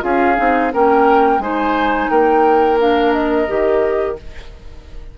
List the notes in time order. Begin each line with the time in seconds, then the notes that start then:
0.00 C#4 F4 G#4 F5
0.36 C4 D#4
0.72 A#3 C#4 A#4 G5
1.38 G#3 D#4 C5 G#5
2.09 A#3 A#4 G5
2.78 D4 F5
3.12 D#5
3.47 D#3 G4